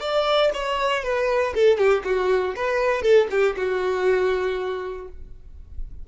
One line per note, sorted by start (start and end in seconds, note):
0.00 0.50 D5
0.54 1.03 C#5
1.03 1.54 B4
1.54 1.78 A4
1.78 2.03 G4
2.04 2.54 F#4
2.56 3.02 B4
3.02 3.28 A4
3.30 3.56 G4
3.57 5.08 F#4